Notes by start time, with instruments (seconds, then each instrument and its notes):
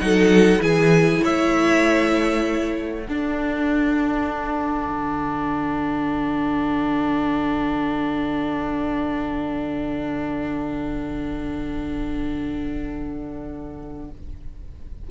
0.00 cello F#3, viola D#4, violin A4 F#5
0.59 cello E3, viola E4, violin G#4 G#5
1.23 cello A3, violin C#5 E5
2.77 violin F#5
3.07 viola D4, cello D4, violin A4
4.90 cello D3